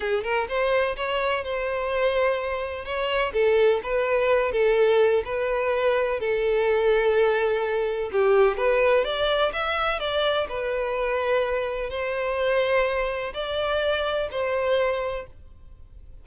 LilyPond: \new Staff \with { instrumentName = "violin" } { \time 4/4 \tempo 4 = 126 gis'8 ais'8 c''4 cis''4 c''4~ | c''2 cis''4 a'4 | b'4. a'4. b'4~ | b'4 a'2.~ |
a'4 g'4 b'4 d''4 | e''4 d''4 b'2~ | b'4 c''2. | d''2 c''2 | }